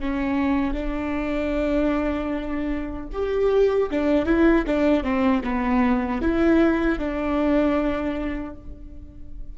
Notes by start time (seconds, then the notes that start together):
0.00 C#4
0.74 D4
3.12 G4
3.91 D4
4.26 E4
4.67 D4
5.04 C4
5.44 B3
6.22 E4
6.99 D4